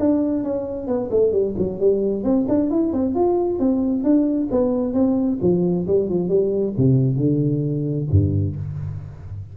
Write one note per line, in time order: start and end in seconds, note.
0.00 0.44 D4
0.44 0.87 C#4
0.87 1.10 B3
1.11 1.32 A3
1.32 1.55 G3
1.58 1.80 F#3
1.80 2.24 G3
2.24 2.46 C4
2.49 2.71 D4
2.71 2.93 E4
2.93 3.15 C4
3.15 3.60 F4
3.60 4.04 C4
4.04 4.49 D4
4.52 4.94 B3
4.94 5.39 C4
5.42 5.87 F3
5.87 6.09 G3
6.09 6.29 F3
6.29 6.74 G3
6.78 7.17 C3
7.17 8.07 D3
8.11 8.56 G2